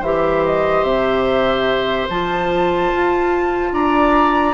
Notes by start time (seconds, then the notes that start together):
0.00 E3 G4 C5 E5
0.46 D#5
0.83 C3 E5
2.10 F3 F4 A5
2.93 F4
3.73 D4 D5 A#5